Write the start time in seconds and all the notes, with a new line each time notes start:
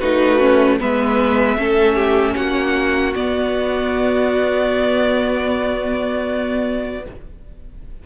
0.00 A3 D#4 F#4 B4
0.40 C#4
0.80 G#3 B3 B4 E5
1.57 A3 C#4 A4
1.96 G4
2.36 A#3 F#4 F#5
3.15 B3 D5